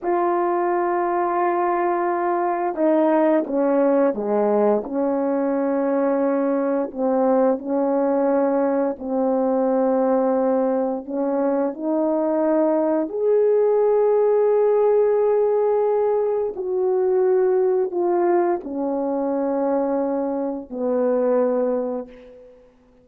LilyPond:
\new Staff \with { instrumentName = "horn" } { \time 4/4 \tempo 4 = 87 f'1 | dis'4 cis'4 gis4 cis'4~ | cis'2 c'4 cis'4~ | cis'4 c'2. |
cis'4 dis'2 gis'4~ | gis'1 | fis'2 f'4 cis'4~ | cis'2 b2 | }